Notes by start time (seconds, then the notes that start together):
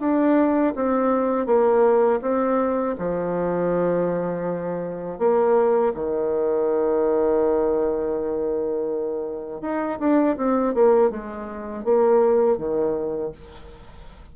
0.00 D4
0.76 C4
1.46 A#3
2.22 C4
2.99 F3
5.19 A#3
5.95 D#3
9.62 D#4
10.00 D4
10.37 C4
10.75 A#3
11.10 G#3
11.84 A#3
12.58 D#3